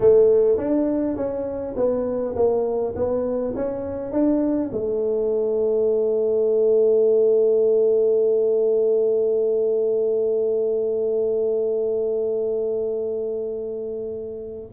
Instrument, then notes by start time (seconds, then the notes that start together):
tuba
0.00 A3
0.57 D4
1.16 C#4
1.76 B3
2.35 A#3
2.95 B3
3.55 C#4
4.11 D4
4.72 A3